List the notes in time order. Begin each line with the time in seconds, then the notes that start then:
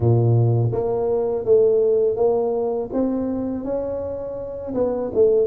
0.00 A#2
0.72 A#3
1.45 A3
2.16 A#3
2.92 C4
3.64 C#4
4.74 B3
5.14 A3